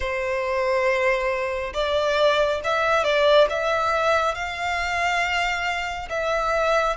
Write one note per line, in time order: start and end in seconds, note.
0.00 1.73 C5
1.74 2.60 D5
2.64 3.04 E5
3.04 3.47 D5
3.49 4.34 E5
4.34 6.08 F5
6.09 6.96 E5